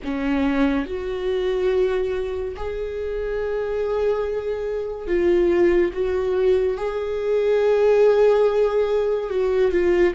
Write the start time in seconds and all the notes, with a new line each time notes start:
0.04 C#4
0.86 F#4
2.56 G#4
5.07 F4
5.93 F#4
6.77 G#4
9.30 F#4
9.71 F4